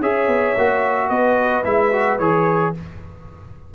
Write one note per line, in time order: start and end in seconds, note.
0.00 0.27 C#4
0.00 0.56 G#4
0.00 1.09 C#5
0.00 1.09 E5
0.27 0.54 B3
0.57 1.09 A#3
0.57 1.64 F#4
1.09 1.64 B3
1.09 2.73 B4
1.09 1.64 D#5
1.64 2.19 G#3
1.64 1.91 E4
1.64 2.18 E5
1.92 2.19 F#4
2.18 2.73 E3
2.18 2.74 G#4
2.18 2.73 C#5